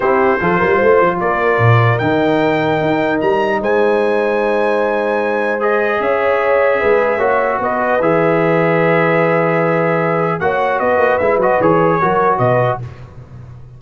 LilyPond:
<<
  \new Staff \with { instrumentName = "trumpet" } { \time 4/4 \tempo 4 = 150 c''2. d''4~ | d''4 g''2. | ais''4 gis''2.~ | gis''2 dis''4 e''4~ |
e''2. dis''4 | e''1~ | e''2 fis''4 dis''4 | e''8 dis''8 cis''2 dis''4 | }
  \new Staff \with { instrumentName = "horn" } { \time 4/4 g'4 a'8 ais'8 c''4 ais'4~ | ais'1~ | ais'4 c''2.~ | c''2. cis''4~ |
cis''4 b'4 cis''4 b'4~ | b'1~ | b'2 cis''4 b'4~ | b'2 ais'4 b'4 | }
  \new Staff \with { instrumentName = "trombone" } { \time 4/4 e'4 f'2.~ | f'4 dis'2.~ | dis'1~ | dis'2 gis'2~ |
gis'2 fis'2 | gis'1~ | gis'2 fis'2 | e'8 fis'8 gis'4 fis'2 | }
  \new Staff \with { instrumentName = "tuba" } { \time 4/4 c'4 f8 g8 a8 f8 ais4 | ais,4 dis2 dis'4 | g4 gis2.~ | gis2. cis'4~ |
cis'4 gis4 ais4 b4 | e1~ | e2 ais4 b8 ais8 | gis8 fis8 e4 fis4 b,4 | }
>>